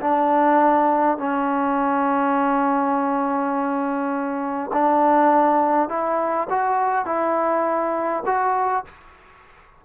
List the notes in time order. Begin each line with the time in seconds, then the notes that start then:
0.00 D4
1.18 C#4
4.73 D4
5.89 E4
6.49 F#4
7.05 E4
8.25 F#4